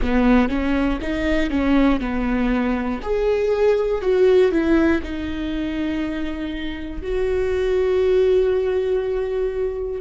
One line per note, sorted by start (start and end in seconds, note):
0.01 0.48 B3
0.48 0.98 C#4
1.00 1.50 D#4
1.50 2.00 C#4
2.00 3.00 B3
3.02 4.01 G#4
4.01 4.51 F#4
4.51 5.01 E4
5.03 7.02 D#4
7.02 10.00 F#4